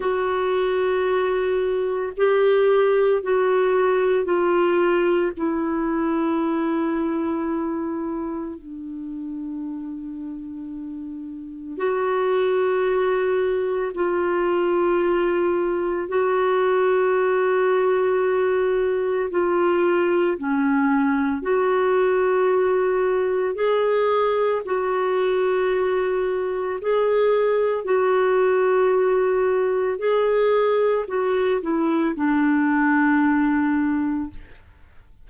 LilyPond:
\new Staff \with { instrumentName = "clarinet" } { \time 4/4 \tempo 4 = 56 fis'2 g'4 fis'4 | f'4 e'2. | d'2. fis'4~ | fis'4 f'2 fis'4~ |
fis'2 f'4 cis'4 | fis'2 gis'4 fis'4~ | fis'4 gis'4 fis'2 | gis'4 fis'8 e'8 d'2 | }